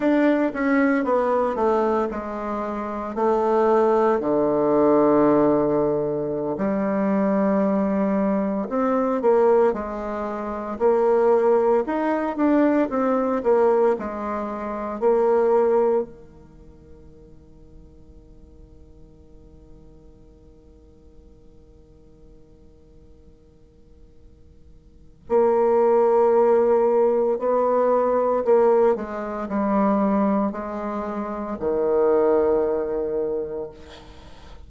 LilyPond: \new Staff \with { instrumentName = "bassoon" } { \time 4/4 \tempo 4 = 57 d'8 cis'8 b8 a8 gis4 a4 | d2~ d16 g4.~ g16~ | g16 c'8 ais8 gis4 ais4 dis'8 d'16~ | d'16 c'8 ais8 gis4 ais4 dis8.~ |
dis1~ | dis1 | ais2 b4 ais8 gis8 | g4 gis4 dis2 | }